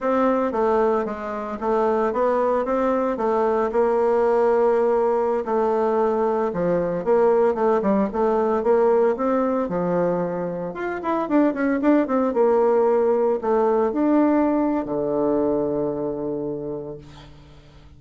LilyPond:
\new Staff \with { instrumentName = "bassoon" } { \time 4/4 \tempo 4 = 113 c'4 a4 gis4 a4 | b4 c'4 a4 ais4~ | ais2~ ais16 a4.~ a16~ | a16 f4 ais4 a8 g8 a8.~ |
a16 ais4 c'4 f4.~ f16~ | f16 f'8 e'8 d'8 cis'8 d'8 c'8 ais8.~ | ais4~ ais16 a4 d'4.~ d'16 | d1 | }